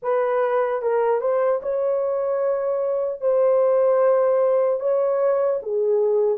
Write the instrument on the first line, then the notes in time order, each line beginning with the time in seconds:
horn
0.02 B4
0.82 A#4
1.20 C5
1.62 C#5
3.20 C5
4.80 C#5
5.62 G#4